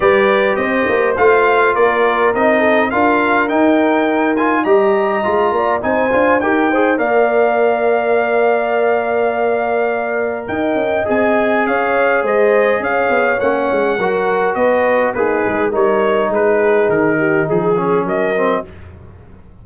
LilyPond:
<<
  \new Staff \with { instrumentName = "trumpet" } { \time 4/4 \tempo 4 = 103 d''4 dis''4 f''4 d''4 | dis''4 f''4 g''4. gis''8 | ais''2 gis''4 g''4 | f''1~ |
f''2 g''4 gis''4 | f''4 dis''4 f''4 fis''4~ | fis''4 dis''4 b'4 cis''4 | b'4 ais'4 gis'4 dis''4 | }
  \new Staff \with { instrumentName = "horn" } { \time 4/4 b'4 c''2 ais'4~ | ais'8 a'8 ais'2. | dis''4. d''8 c''4 ais'8 c''8 | d''1~ |
d''2 dis''2 | cis''4 c''4 cis''2 | ais'4 b'4 dis'4 ais'4 | gis'4. g'8 gis'4 ais'4 | }
  \new Staff \with { instrumentName = "trombone" } { \time 4/4 g'2 f'2 | dis'4 f'4 dis'4. f'8 | g'4 f'4 dis'8 f'8 g'8 gis'8 | ais'1~ |
ais'2. gis'4~ | gis'2. cis'4 | fis'2 gis'4 dis'4~ | dis'2~ dis'8 cis'4 c'8 | }
  \new Staff \with { instrumentName = "tuba" } { \time 4/4 g4 c'8 ais8 a4 ais4 | c'4 d'4 dis'2 | g4 gis8 ais8 c'8 d'8 dis'4 | ais1~ |
ais2 dis'8 cis'8 c'4 | cis'4 gis4 cis'8 b8 ais8 gis8 | fis4 b4 ais8 gis8 g4 | gis4 dis4 f4 fis4 | }
>>